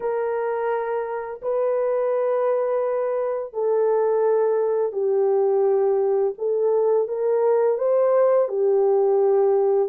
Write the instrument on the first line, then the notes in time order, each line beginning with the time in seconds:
horn
0.00 A#4
1.41 B4
3.53 A4
4.92 G4
6.38 A4
7.07 A#4
7.77 C5
8.48 G4